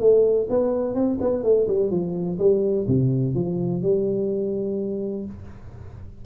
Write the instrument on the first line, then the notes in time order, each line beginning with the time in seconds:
tuba
0.00 A3
0.49 B3
0.95 C4
1.21 B3
1.43 A3
1.68 G3
1.91 F3
2.39 G3
2.87 C3
3.35 F3
3.82 G3